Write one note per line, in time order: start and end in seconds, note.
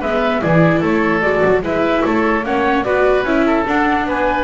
0.00 0.42 G#3
0.00 0.42 B3
0.00 0.41 B4
0.00 0.42 E5
0.42 0.82 E3
0.42 1.22 E4
0.42 0.80 G#4
0.42 0.82 D5
0.80 1.22 A3
0.80 1.61 A4
0.80 1.21 C#5
1.21 1.42 G#3
1.21 1.62 F#4
1.21 1.61 D5
1.44 1.62 F#3
1.62 2.02 G#3
1.62 2.43 E4
1.62 2.04 B4
1.62 2.05 E5
2.04 2.43 A3
2.04 2.45 A4
2.04 2.45 C#5
2.43 2.84 A#3
2.43 2.84 C#4
2.43 2.85 C#5
2.43 2.83 F#5
2.83 3.23 B3
2.83 3.25 F#4
2.83 3.46 B4
2.83 3.24 D5
3.23 3.64 C#4
3.23 3.66 E4
3.23 3.65 E5
3.46 4.07 A4
3.66 4.44 D4
3.66 4.06 D4
3.66 4.07 F#5
4.06 4.44 B3
4.06 4.44 B4
4.06 4.44 G#5